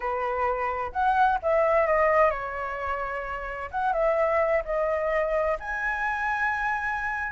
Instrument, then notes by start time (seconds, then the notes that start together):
flute
0.00 B4
0.92 F#5
1.42 E5
1.86 D#5
2.30 C#5
3.71 F#5
3.92 E5
4.64 D#5
5.59 G#5